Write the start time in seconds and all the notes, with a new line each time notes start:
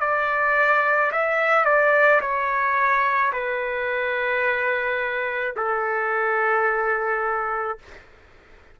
0.00 D5
1.12 E5
1.65 D5
2.21 C#5
3.32 B4
5.56 A4